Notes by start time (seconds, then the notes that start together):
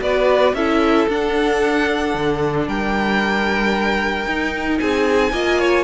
0.00 B3 F#4 B4 D5
0.53 C#4 E4 A4 E5
1.08 D4 F#5
2.14 D3
2.67 G3 A#4 G5
4.26 D#4
4.79 C4 G#4 G#5
5.32 A#3 F4 D#5
5.59 C#5